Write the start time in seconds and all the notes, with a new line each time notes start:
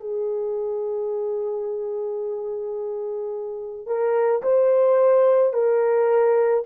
0.00 G#4
3.86 A#4
4.42 C5
5.53 A#4